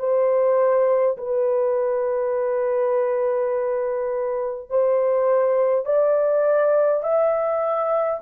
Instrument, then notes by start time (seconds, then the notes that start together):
horn
0.00 C5
1.18 B4
4.70 C5
5.86 D5
7.03 E5